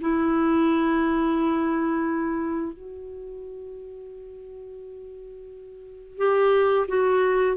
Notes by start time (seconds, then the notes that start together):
0.00 E4
2.72 F#4
6.17 G4
6.88 F#4